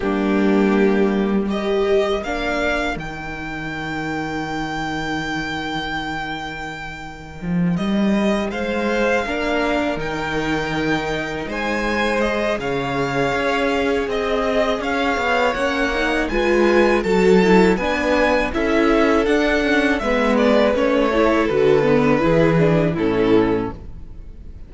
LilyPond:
<<
  \new Staff \with { instrumentName = "violin" } { \time 4/4 \tempo 4 = 81 g'2 dis''4 f''4 | g''1~ | g''2~ g''8 dis''4 f''8~ | f''4. g''2 gis''8~ |
gis''8 dis''8 f''2 dis''4 | f''4 fis''4 gis''4 a''4 | gis''4 e''4 fis''4 e''8 d''8 | cis''4 b'2 a'4 | }
  \new Staff \with { instrumentName = "violin" } { \time 4/4 d'2 ais'2~ | ais'1~ | ais'2.~ ais'8 c''8~ | c''8 ais'2. c''8~ |
c''4 cis''2 dis''4 | cis''2 b'4 a'4 | b'4 a'2 b'4~ | b'8 a'4. gis'4 e'4 | }
  \new Staff \with { instrumentName = "viola" } { \time 4/4 ais2 g'4 d'4 | dis'1~ | dis'1~ | dis'8 d'4 dis'2~ dis'8~ |
dis'8 gis'2.~ gis'8~ | gis'4 cis'8 dis'8 f'4 fis'8 e'8 | d'4 e'4 d'8 cis'8 b4 | cis'8 e'8 fis'8 b8 e'8 d'8 cis'4 | }
  \new Staff \with { instrumentName = "cello" } { \time 4/4 g2. ais4 | dis1~ | dis2 f8 g4 gis8~ | gis8 ais4 dis2 gis8~ |
gis4 cis4 cis'4 c'4 | cis'8 b8 ais4 gis4 fis4 | b4 cis'4 d'4 gis4 | a4 d4 e4 a,4 | }
>>